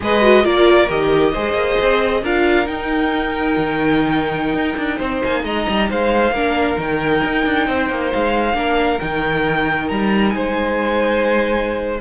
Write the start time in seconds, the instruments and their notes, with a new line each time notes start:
0.00 cello G#3, viola G#4, violin B4 D#5
0.21 viola F#4
0.42 cello A#3, viola F4, violin A#4 D5
0.89 cello D#3, viola G4, violin D#5
1.32 cello G#3, viola G#4, violin C5
1.53 cello A#3
1.81 cello C4
2.22 cello D4, viola F4, violin A#4 F5
2.66 viola D#4, cello D#4, violin G5
3.57 cello D#3
4.53 cello D#4
4.77 cello D4
4.97 cello C4, violin C5
5.23 cello A#3, violin G#5
5.44 cello G#3, violin D#5 A#5
5.68 cello G3
5.89 cello G#3, violin C5 F5
6.31 cello A#3, viola D4, violin A#4
6.77 cello D#3, viola D#4, violin G5
7.23 cello D#4
7.45 cello D4
7.67 cello C4, violin C5
7.89 cello A#3
8.12 cello G#3, violin F5
8.54 cello A#3, viola D4, violin A#4
9.00 cello D#3, viola D#4, violin G5
9.88 cello G3, violin A#5
10.29 cello G#3, violin C5 G#5